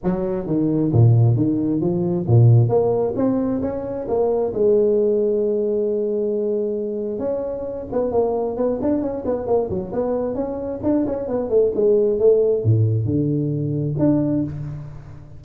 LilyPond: \new Staff \with { instrumentName = "tuba" } { \time 4/4 \tempo 4 = 133 fis4 dis4 ais,4 dis4 | f4 ais,4 ais4 c'4 | cis'4 ais4 gis2~ | gis1 |
cis'4. b8 ais4 b8 d'8 | cis'8 b8 ais8 fis8 b4 cis'4 | d'8 cis'8 b8 a8 gis4 a4 | a,4 d2 d'4 | }